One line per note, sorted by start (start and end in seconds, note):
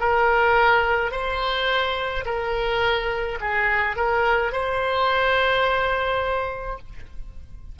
0.00 1.12 A#4
1.12 2.25 C5
2.25 3.39 A#4
3.41 3.96 G#4
3.96 4.52 A#4
4.52 6.79 C5